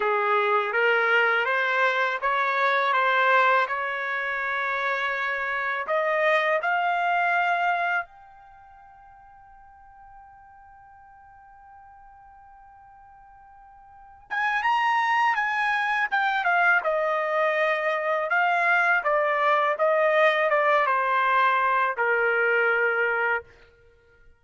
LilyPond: \new Staff \with { instrumentName = "trumpet" } { \time 4/4 \tempo 4 = 82 gis'4 ais'4 c''4 cis''4 | c''4 cis''2. | dis''4 f''2 g''4~ | g''1~ |
g''2.~ g''8 gis''8 | ais''4 gis''4 g''8 f''8 dis''4~ | dis''4 f''4 d''4 dis''4 | d''8 c''4. ais'2 | }